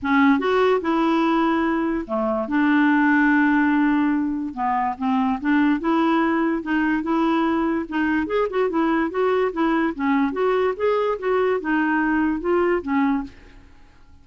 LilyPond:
\new Staff \with { instrumentName = "clarinet" } { \time 4/4 \tempo 4 = 145 cis'4 fis'4 e'2~ | e'4 a4 d'2~ | d'2. b4 | c'4 d'4 e'2 |
dis'4 e'2 dis'4 | gis'8 fis'8 e'4 fis'4 e'4 | cis'4 fis'4 gis'4 fis'4 | dis'2 f'4 cis'4 | }